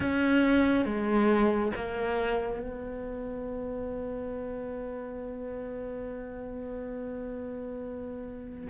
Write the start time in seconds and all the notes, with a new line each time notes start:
0.00 C#4
0.85 G#3
1.75 A#3
2.59 B3